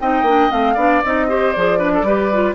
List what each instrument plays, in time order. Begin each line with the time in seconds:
0.00 bassoon C4, clarinet D#4, oboe D#5, flute G5
0.22 bassoon A#3, clarinet D4
0.49 bassoon A3, clarinet C4, flute F5
0.74 bassoon B3, clarinet D4, oboe D5
1.04 bassoon C4, clarinet D#4, flute D#5
1.28 clarinet G4, oboe C5
1.52 bassoon F3, clarinet G#4, flute D5
1.78 clarinet D4, oboe B4
1.93 oboe A4
2.02 bassoon G3, clarinet G4, oboe B4
2.33 clarinet F4